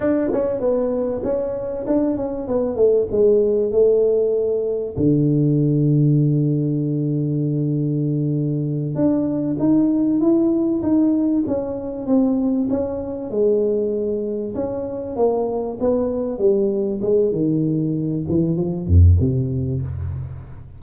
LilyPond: \new Staff \with { instrumentName = "tuba" } { \time 4/4 \tempo 4 = 97 d'8 cis'8 b4 cis'4 d'8 cis'8 | b8 a8 gis4 a2 | d1~ | d2~ d8 d'4 dis'8~ |
dis'8 e'4 dis'4 cis'4 c'8~ | c'8 cis'4 gis2 cis'8~ | cis'8 ais4 b4 g4 gis8 | dis4. e8 f8 f,8 c4 | }